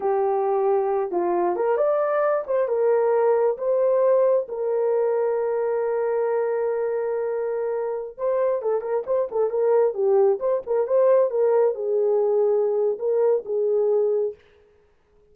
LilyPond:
\new Staff \with { instrumentName = "horn" } { \time 4/4 \tempo 4 = 134 g'2~ g'8 f'4 ais'8 | d''4. c''8 ais'2 | c''2 ais'2~ | ais'1~ |
ais'2~ ais'16 c''4 a'8 ais'16~ | ais'16 c''8 a'8 ais'4 g'4 c''8 ais'16~ | ais'16 c''4 ais'4 gis'4.~ gis'16~ | gis'4 ais'4 gis'2 | }